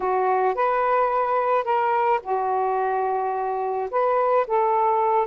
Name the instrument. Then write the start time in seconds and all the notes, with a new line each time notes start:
saxophone
0.00 F#4
0.54 B4
1.64 A#4
2.22 F#4
3.90 B4
4.47 A4